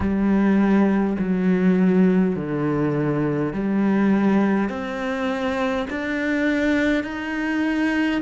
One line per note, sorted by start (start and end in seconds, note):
0.00 1.17 G3
1.18 2.35 F#3
2.35 3.53 D3
3.53 4.69 G3
4.69 5.87 C4
5.89 7.03 D4
7.03 8.21 D#4